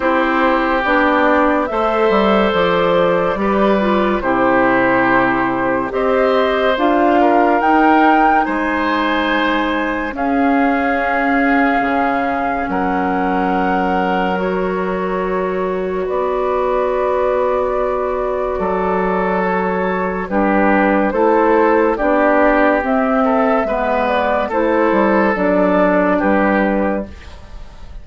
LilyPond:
<<
  \new Staff \with { instrumentName = "flute" } { \time 4/4 \tempo 4 = 71 c''4 d''4 e''4 d''4~ | d''4 c''2 dis''4 | f''4 g''4 gis''2 | f''2. fis''4~ |
fis''4 cis''2 d''4~ | d''2. cis''4 | b'4 c''4 d''4 e''4~ | e''8 d''8 c''4 d''4 b'4 | }
  \new Staff \with { instrumentName = "oboe" } { \time 4/4 g'2 c''2 | b'4 g'2 c''4~ | c''8 ais'4. c''2 | gis'2. ais'4~ |
ais'2. b'4~ | b'2 a'2 | g'4 a'4 g'4. a'8 | b'4 a'2 g'4 | }
  \new Staff \with { instrumentName = "clarinet" } { \time 4/4 e'4 d'4 a'2 | g'8 f'8 e'2 g'4 | f'4 dis'2. | cis'1~ |
cis'4 fis'2.~ | fis'1 | d'4 e'4 d'4 c'4 | b4 e'4 d'2 | }
  \new Staff \with { instrumentName = "bassoon" } { \time 4/4 c'4 b4 a8 g8 f4 | g4 c2 c'4 | d'4 dis'4 gis2 | cis'2 cis4 fis4~ |
fis2. b4~ | b2 fis2 | g4 a4 b4 c'4 | gis4 a8 g8 fis4 g4 | }
>>